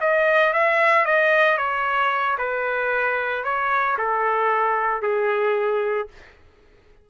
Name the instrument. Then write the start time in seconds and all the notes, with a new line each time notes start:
trumpet
0.00 D#5
0.53 E5
1.05 D#5
1.57 C#5
2.37 B4
3.44 C#5
3.98 A4
5.02 G#4